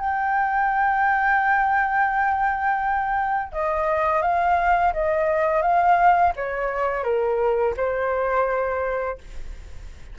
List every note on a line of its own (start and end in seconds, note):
0.00 3.53 G5
3.53 4.23 D#5
4.23 4.93 F5
4.94 5.62 D#5
5.62 6.33 F5
6.37 7.04 C#5
7.04 7.75 A#4
7.77 9.18 C5